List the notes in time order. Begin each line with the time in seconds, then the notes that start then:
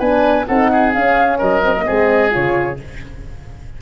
0.00 B3 D4 B4 G#5
0.47 C4 D#4 A4 F#5
0.72 G#4
0.93 C#4 F5
1.38 F#3 A#4 D#5
1.64 C4
1.76 A#3
1.86 G#3 C4 G#4
2.31 C#3 F4 C#5